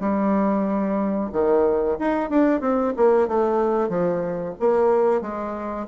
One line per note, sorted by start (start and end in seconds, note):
0.00 1.30 G3
1.33 1.98 D#3
1.99 2.30 D#4
2.30 2.61 D4
2.61 2.93 C4
2.97 3.28 A#3
3.28 3.89 A3
3.89 4.54 F3
4.60 5.21 A#3
5.21 5.87 G#3